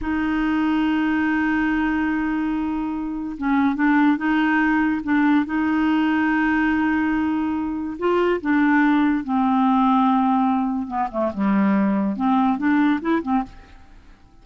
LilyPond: \new Staff \with { instrumentName = "clarinet" } { \time 4/4 \tempo 4 = 143 dis'1~ | dis'1 | cis'4 d'4 dis'2 | d'4 dis'2.~ |
dis'2. f'4 | d'2 c'2~ | c'2 b8 a8 g4~ | g4 c'4 d'4 e'8 c'8 | }